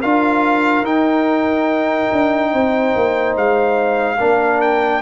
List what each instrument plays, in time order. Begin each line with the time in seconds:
0.00 tuba D4, trombone F4, horn A#4, trumpet F5
0.82 tuba D#4, trombone D#4, trumpet G5
2.12 tuba D4
2.51 tuba C4, horn C5
2.95 tuba A#3
3.36 tuba G#3, trumpet F5
4.17 tuba A#3, trombone D4, horn A#4
4.61 trumpet G5